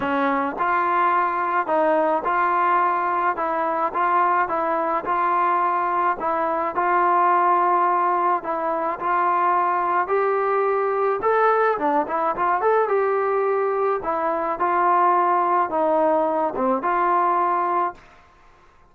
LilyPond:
\new Staff \with { instrumentName = "trombone" } { \time 4/4 \tempo 4 = 107 cis'4 f'2 dis'4 | f'2 e'4 f'4 | e'4 f'2 e'4 | f'2. e'4 |
f'2 g'2 | a'4 d'8 e'8 f'8 a'8 g'4~ | g'4 e'4 f'2 | dis'4. c'8 f'2 | }